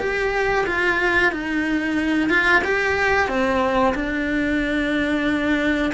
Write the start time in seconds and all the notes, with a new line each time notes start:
0.00 G4
0.67 F4
1.32 D#4
2.30 F4
2.64 G4
3.28 C4
3.95 D4